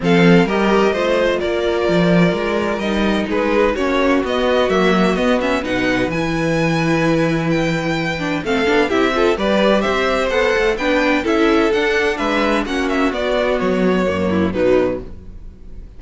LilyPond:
<<
  \new Staff \with { instrumentName = "violin" } { \time 4/4 \tempo 4 = 128 f''4 dis''2 d''4~ | d''2 dis''4 b'4 | cis''4 dis''4 e''4 dis''8 e''8 | fis''4 gis''2. |
g''2 f''4 e''4 | d''4 e''4 fis''4 g''4 | e''4 fis''4 e''4 fis''8 e''8 | d''4 cis''2 b'4 | }
  \new Staff \with { instrumentName = "violin" } { \time 4/4 a'4 ais'4 c''4 ais'4~ | ais'2. gis'4 | fis'1 | b'1~ |
b'2 a'4 g'8 a'8 | b'4 c''2 b'4 | a'2 b'4 fis'4~ | fis'2~ fis'8 e'8 dis'4 | }
  \new Staff \with { instrumentName = "viola" } { \time 4/4 c'4 g'4 f'2~ | f'2 dis'2 | cis'4 b4 ais4 b8 cis'8 | dis'4 e'2.~ |
e'4. d'8 c'8 d'8 e'8 f'8 | g'2 a'4 d'4 | e'4 d'2 cis'4 | b2 ais4 fis4 | }
  \new Staff \with { instrumentName = "cello" } { \time 4/4 f4 g4 a4 ais4 | f4 gis4 g4 gis4 | ais4 b4 fis4 b4 | b,4 e2.~ |
e2 a8 b8 c'4 | g4 c'4 b8 a8 b4 | cis'4 d'4 gis4 ais4 | b4 fis4 fis,4 b,4 | }
>>